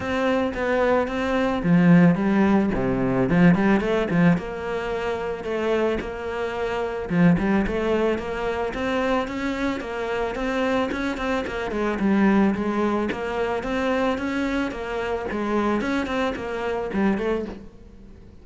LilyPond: \new Staff \with { instrumentName = "cello" } { \time 4/4 \tempo 4 = 110 c'4 b4 c'4 f4 | g4 c4 f8 g8 a8 f8 | ais2 a4 ais4~ | ais4 f8 g8 a4 ais4 |
c'4 cis'4 ais4 c'4 | cis'8 c'8 ais8 gis8 g4 gis4 | ais4 c'4 cis'4 ais4 | gis4 cis'8 c'8 ais4 g8 a8 | }